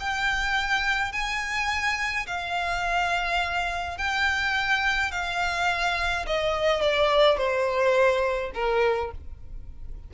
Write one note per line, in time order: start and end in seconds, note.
0.00 1.12 G5
1.12 2.26 G#5
2.27 3.98 F5
3.98 5.12 G5
5.12 6.26 F5
6.27 6.82 D#5
6.82 7.37 D5
7.37 8.52 C5
8.54 9.11 A#4